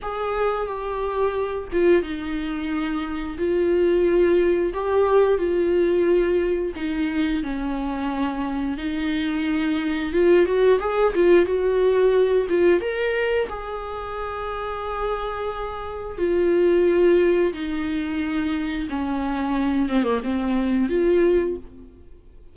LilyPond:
\new Staff \with { instrumentName = "viola" } { \time 4/4 \tempo 4 = 89 gis'4 g'4. f'8 dis'4~ | dis'4 f'2 g'4 | f'2 dis'4 cis'4~ | cis'4 dis'2 f'8 fis'8 |
gis'8 f'8 fis'4. f'8 ais'4 | gis'1 | f'2 dis'2 | cis'4. c'16 ais16 c'4 f'4 | }